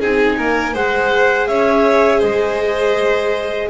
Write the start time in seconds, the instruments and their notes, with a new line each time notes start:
0.00 double bass C4, viola D#4, violin G#4, clarinet G#5
0.38 double bass A#3, violin A#4
0.74 double bass G#3, viola G#4, violin C5, clarinet F#5
1.48 double bass C#4, violin C#5, clarinet E5
2.19 double bass G#3, violin C5, clarinet D#5